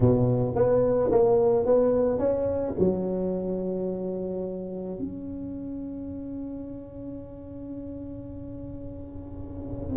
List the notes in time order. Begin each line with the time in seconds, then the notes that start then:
0.00 B2
0.55 B3
1.11 A#3
1.65 B3
2.18 C#4
2.79 F#3
4.98 C#4